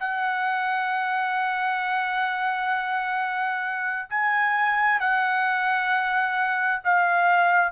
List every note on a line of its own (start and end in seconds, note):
0.00 4.09 F#5
4.10 5.00 G#5
5.00 6.82 F#5
6.84 7.72 F5